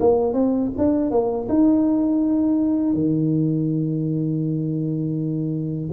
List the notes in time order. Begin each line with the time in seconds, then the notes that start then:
0.00 A#3
0.33 C4
0.78 D4
1.11 A#3
1.49 D#4
2.94 D#3